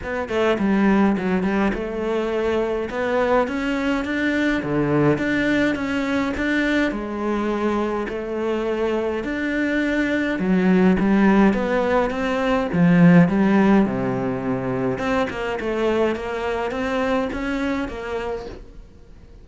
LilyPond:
\new Staff \with { instrumentName = "cello" } { \time 4/4 \tempo 4 = 104 b8 a8 g4 fis8 g8 a4~ | a4 b4 cis'4 d'4 | d4 d'4 cis'4 d'4 | gis2 a2 |
d'2 fis4 g4 | b4 c'4 f4 g4 | c2 c'8 ais8 a4 | ais4 c'4 cis'4 ais4 | }